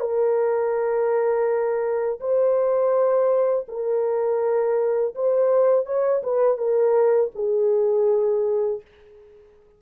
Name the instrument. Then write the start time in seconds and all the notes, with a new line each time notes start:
horn
0.00 A#4
2.20 C5
3.68 A#4
5.15 C5
5.86 C#5
6.23 B4
6.57 A#4
7.35 G#4